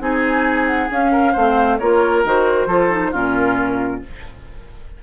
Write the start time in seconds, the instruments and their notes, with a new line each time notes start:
0.00 bassoon C4, clarinet D#4, oboe G#4, flute G#5
0.67 flute F#5
0.90 clarinet C#4, bassoon C#4, flute F5
1.12 oboe A#4
1.33 bassoon A3, clarinet C4, oboe C5
1.79 bassoon A#3, clarinet F4, oboe A#4, flute C#5
2.24 bassoon D#3, clarinet F#4, flute C5
2.67 bassoon F3, clarinet F4, oboe A4
2.91 clarinet D#4
3.12 bassoon A#2, clarinet C#4, oboe F4, flute A#4